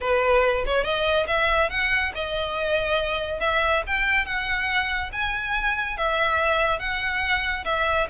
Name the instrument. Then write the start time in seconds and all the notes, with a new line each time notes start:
violin
0.01 B4
0.66 C#5
0.84 D#5
1.27 E5
1.69 F#5
2.14 D#5
3.40 E5
3.86 G5
4.25 F#5
5.12 G#5
5.97 E5
6.79 F#5
7.64 E5